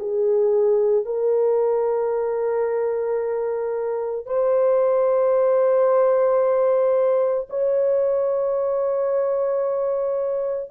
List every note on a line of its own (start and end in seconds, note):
0.00 1.05 G#4
1.05 4.26 A#4
4.26 7.48 C5
7.50 10.70 C#5